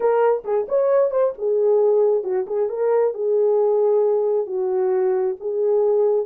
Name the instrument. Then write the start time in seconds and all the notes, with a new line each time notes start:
horn
0.00 A#4
0.44 G#4
0.68 C#5
1.11 C5
1.37 G#4
2.23 F#4
2.46 G#4
2.69 A#4
3.14 G#4
4.46 F#4
5.40 G#4